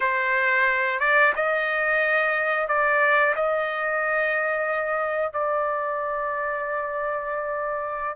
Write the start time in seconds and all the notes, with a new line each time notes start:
0.00 C5
0.99 D5
1.35 D#5
2.68 D5
3.35 D#5
5.32 D5